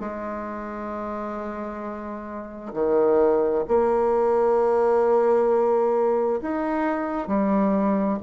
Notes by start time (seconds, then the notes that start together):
0.00 G#3
2.73 D#3
3.68 A#3
6.41 D#4
7.27 G3